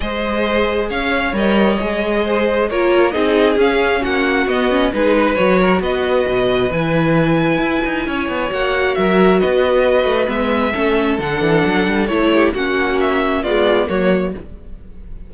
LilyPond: <<
  \new Staff \with { instrumentName = "violin" } { \time 4/4 \tempo 4 = 134 dis''2 f''4 dis''4~ | dis''2 cis''4 dis''4 | f''4 fis''4 dis''4 b'4 | cis''4 dis''2 gis''4~ |
gis''2. fis''4 | e''4 dis''2 e''4~ | e''4 fis''2 cis''4 | fis''4 e''4 d''4 cis''4 | }
  \new Staff \with { instrumentName = "violin" } { \time 4/4 c''2 cis''2~ | cis''4 c''4 ais'4 gis'4~ | gis'4 fis'2 gis'8 b'8~ | b'8 ais'8 b'2.~ |
b'2 cis''2 | ais'4 b'2. | a'2.~ a'8 g'8 | fis'2 f'4 fis'4 | }
  \new Staff \with { instrumentName = "viola" } { \time 4/4 gis'2. ais'4 | gis'2 f'4 dis'4 | cis'2 b8 cis'8 dis'4 | fis'2. e'4~ |
e'2. fis'4~ | fis'2. b4 | cis'4 d'2 e'4 | cis'2 gis4 ais4 | }
  \new Staff \with { instrumentName = "cello" } { \time 4/4 gis2 cis'4 g4 | gis2 ais4 c'4 | cis'4 ais4 b4 gis4 | fis4 b4 b,4 e4~ |
e4 e'8 dis'8 cis'8 b8 ais4 | fis4 b4. a8 gis4 | a4 d8 e8 fis8 g8 a4 | ais2 b4 fis4 | }
>>